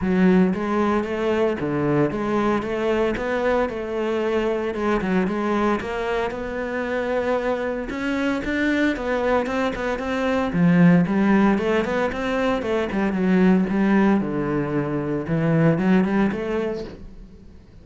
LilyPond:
\new Staff \with { instrumentName = "cello" } { \time 4/4 \tempo 4 = 114 fis4 gis4 a4 d4 | gis4 a4 b4 a4~ | a4 gis8 fis8 gis4 ais4 | b2. cis'4 |
d'4 b4 c'8 b8 c'4 | f4 g4 a8 b8 c'4 | a8 g8 fis4 g4 d4~ | d4 e4 fis8 g8 a4 | }